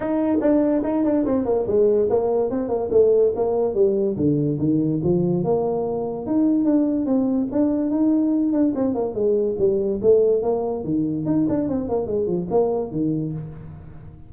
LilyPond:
\new Staff \with { instrumentName = "tuba" } { \time 4/4 \tempo 4 = 144 dis'4 d'4 dis'8 d'8 c'8 ais8 | gis4 ais4 c'8 ais8 a4 | ais4 g4 d4 dis4 | f4 ais2 dis'4 |
d'4 c'4 d'4 dis'4~ | dis'8 d'8 c'8 ais8 gis4 g4 | a4 ais4 dis4 dis'8 d'8 | c'8 ais8 gis8 f8 ais4 dis4 | }